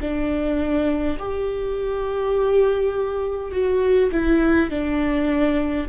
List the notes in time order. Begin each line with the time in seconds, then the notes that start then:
0.00 D4
1.19 G4
3.51 F#4
4.12 E4
4.70 D4